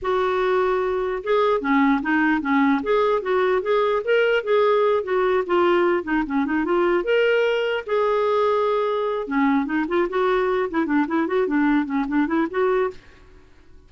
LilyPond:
\new Staff \with { instrumentName = "clarinet" } { \time 4/4 \tempo 4 = 149 fis'2. gis'4 | cis'4 dis'4 cis'4 gis'4 | fis'4 gis'4 ais'4 gis'4~ | gis'8 fis'4 f'4. dis'8 cis'8 |
dis'8 f'4 ais'2 gis'8~ | gis'2. cis'4 | dis'8 f'8 fis'4. e'8 d'8 e'8 | fis'8 d'4 cis'8 d'8 e'8 fis'4 | }